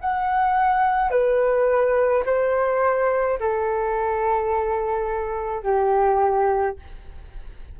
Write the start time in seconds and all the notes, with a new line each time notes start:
0.00 F#5
1.10 B4
2.25 C5
3.39 A4
5.63 G4